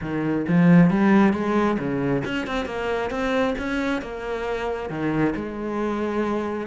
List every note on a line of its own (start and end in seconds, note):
0.01 0.46 D#3
0.48 0.90 F3
0.90 1.33 G3
1.33 1.77 G#3
1.78 2.23 C#3
2.24 2.46 C#4
2.46 2.65 C4
2.65 3.10 A#3
3.10 3.54 C4
3.58 4.01 C#4
4.01 4.89 A#3
4.89 5.34 D#3
5.35 6.67 G#3